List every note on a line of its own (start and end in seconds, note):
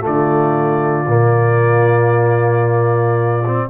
0.00 1.04 A3
0.00 3.67 F4
0.00 3.70 D5
0.06 1.07 D3
1.07 3.68 A#2
1.07 3.44 A#3
3.45 3.70 C4